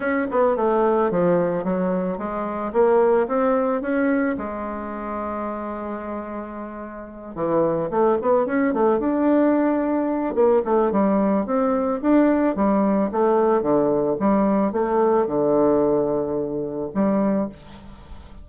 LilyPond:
\new Staff \with { instrumentName = "bassoon" } { \time 4/4 \tempo 4 = 110 cis'8 b8 a4 f4 fis4 | gis4 ais4 c'4 cis'4 | gis1~ | gis4. e4 a8 b8 cis'8 |
a8 d'2~ d'8 ais8 a8 | g4 c'4 d'4 g4 | a4 d4 g4 a4 | d2. g4 | }